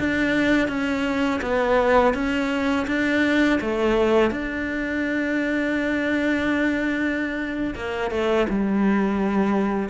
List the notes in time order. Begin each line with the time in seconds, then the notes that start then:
0.00 D4
0.68 C#4
1.42 B3
2.14 C#4
2.88 D4
3.61 A3
4.31 D4
7.75 A#3
8.11 A3
8.49 G3